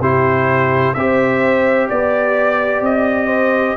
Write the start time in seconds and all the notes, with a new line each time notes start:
0.00 C3 E4 G4 C5
0.94 C4 G4 C5 E5
1.89 B3 D5
2.81 C4 D#5
3.27 C5